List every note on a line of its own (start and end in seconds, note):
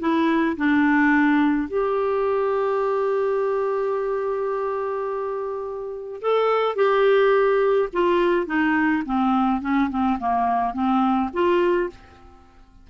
0.00 0.57 E4
0.57 1.68 D4
1.68 6.21 G4
6.22 6.76 A4
6.76 7.89 G4
7.93 8.47 F4
8.47 9.03 D#4
9.06 9.61 C4
9.61 9.90 C#4
9.90 10.19 C4
10.19 10.74 A#3
10.74 11.30 C4
11.33 11.90 F4